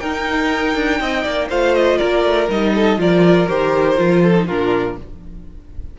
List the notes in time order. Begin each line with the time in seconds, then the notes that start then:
0.00 D#4 A#4 G5
0.76 D4
1.01 C4 D#5
1.23 A#3 D5
1.49 A3 F4 C5 F5
1.75 D#5
1.98 A#3 A#4 D5
2.24 A3
2.50 G3 D#4 D#5
2.75 A4
2.97 F3 F4 A#4 D5
3.48 D#3 G4 C5
3.97 F3 F4
4.23 A4
4.35 D#4
4.47 A#2 D4 F4 A#4